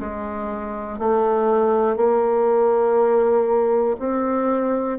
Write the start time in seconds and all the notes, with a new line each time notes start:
0.00 G#3
0.99 A3
1.97 A#3
3.99 C4